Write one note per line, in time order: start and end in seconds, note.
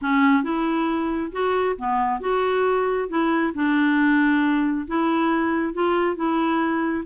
0.01 0.43 C#4
0.43 1.31 E4
1.32 1.76 F#4
1.78 2.20 B3
2.20 3.08 F#4
3.08 3.53 E4
3.54 4.86 D4
4.87 5.73 E4
5.73 6.15 F4
6.15 7.04 E4